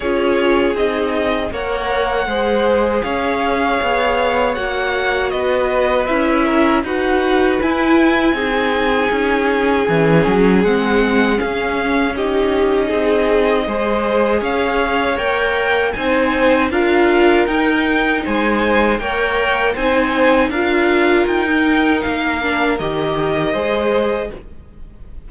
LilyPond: <<
  \new Staff \with { instrumentName = "violin" } { \time 4/4 \tempo 4 = 79 cis''4 dis''4 fis''2 | f''2 fis''4 dis''4 | e''4 fis''4 gis''2~ | gis''2 fis''4 f''4 |
dis''2. f''4 | g''4 gis''4 f''4 g''4 | gis''4 g''4 gis''4 f''4 | g''4 f''4 dis''2 | }
  \new Staff \with { instrumentName = "violin" } { \time 4/4 gis'2 cis''4 c''4 | cis''2. b'4~ | b'8 ais'8 b'2 gis'4~ | gis'1 |
g'4 gis'4 c''4 cis''4~ | cis''4 c''4 ais'2 | c''4 cis''4 c''4 ais'4~ | ais'2. c''4 | }
  \new Staff \with { instrumentName = "viola" } { \time 4/4 f'4 dis'4 ais'4 gis'4~ | gis'2 fis'2 | e'4 fis'4 e'4 dis'4~ | dis'4 cis'4 c'4 cis'4 |
dis'2 gis'2 | ais'4 dis'4 f'4 dis'4~ | dis'4 ais'4 dis'4 f'4~ | f'16 dis'4~ dis'16 d'8 g'4 gis'4 | }
  \new Staff \with { instrumentName = "cello" } { \time 4/4 cis'4 c'4 ais4 gis4 | cis'4 b4 ais4 b4 | cis'4 dis'4 e'4 c'4 | cis'4 e8 fis8 gis4 cis'4~ |
cis'4 c'4 gis4 cis'4 | ais4 c'4 d'4 dis'4 | gis4 ais4 c'4 d'4 | dis'4 ais4 dis4 gis4 | }
>>